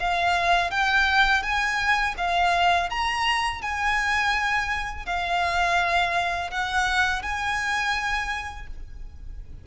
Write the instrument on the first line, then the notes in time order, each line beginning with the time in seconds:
violin
0.00 F5
0.71 G5
1.43 G#5
2.18 F5
2.90 A#5
3.62 G#5
5.06 F5
6.51 F#5
7.22 G#5